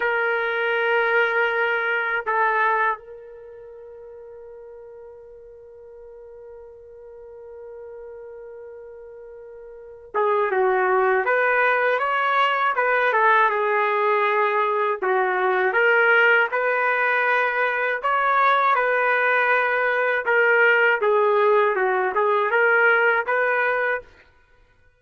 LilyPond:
\new Staff \with { instrumentName = "trumpet" } { \time 4/4 \tempo 4 = 80 ais'2. a'4 | ais'1~ | ais'1~ | ais'4. gis'8 fis'4 b'4 |
cis''4 b'8 a'8 gis'2 | fis'4 ais'4 b'2 | cis''4 b'2 ais'4 | gis'4 fis'8 gis'8 ais'4 b'4 | }